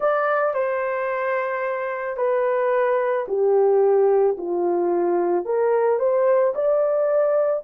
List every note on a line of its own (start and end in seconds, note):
0.00 0.54 D5
0.54 2.17 C5
2.17 3.26 B4
3.27 4.36 G4
4.37 5.45 F4
5.45 5.99 A#4
5.99 6.53 C5
6.55 7.64 D5